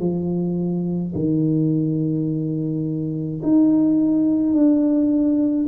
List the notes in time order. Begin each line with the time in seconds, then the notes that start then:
0.00 F3
1.15 D#3
3.43 D#4
4.53 D4